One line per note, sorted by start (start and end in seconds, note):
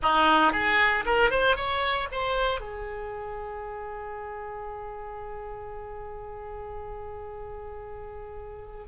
0.02 0.52 D#4
0.52 1.04 G#4
1.05 1.30 A#4
1.30 1.56 C5
1.56 2.08 C#5
2.11 2.60 C5
2.60 8.86 G#4